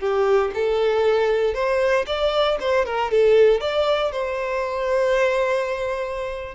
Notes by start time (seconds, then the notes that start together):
0.00 G4
0.55 A4
1.54 C5
2.07 D5
2.60 C5
2.86 A#4
3.11 A4
3.61 D5
4.12 C5